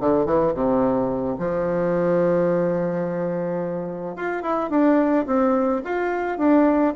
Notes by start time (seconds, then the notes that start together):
0.00 D3
0.26 E3
0.54 C3
1.38 F3
4.16 F4
4.42 E4
4.70 D4
5.27 C4
5.84 F4
6.38 D4